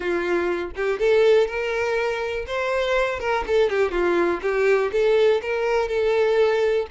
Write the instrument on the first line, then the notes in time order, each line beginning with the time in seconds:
violin
0.00 F4
0.75 G4
0.99 A4
1.47 A#4
2.46 C5
3.19 A#4
3.46 A4
3.69 G4
3.91 F4
4.42 G4
4.92 A4
5.41 A#4
5.88 A4